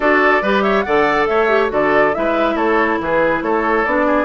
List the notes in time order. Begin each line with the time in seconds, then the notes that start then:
0.00 D4 F#4 A4 D5
0.42 G3 G4 B4
0.62 C#5 E5
0.82 D3 A4 D5 F#5
1.26 A3 C#5 E5
1.48 G4
1.69 D3 F#4 A4 D5
2.13 G#3 E4 B4 E5
2.55 A3 A4 C#5
3.00 E3 G#4 B4
3.42 A3 A4 C#5
3.85 B3 D4 D5
4.06 G#4